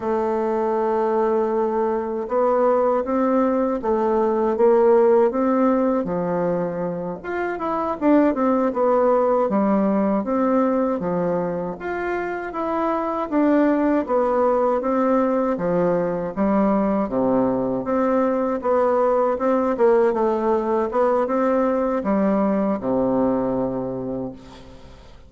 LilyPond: \new Staff \with { instrumentName = "bassoon" } { \time 4/4 \tempo 4 = 79 a2. b4 | c'4 a4 ais4 c'4 | f4. f'8 e'8 d'8 c'8 b8~ | b8 g4 c'4 f4 f'8~ |
f'8 e'4 d'4 b4 c'8~ | c'8 f4 g4 c4 c'8~ | c'8 b4 c'8 ais8 a4 b8 | c'4 g4 c2 | }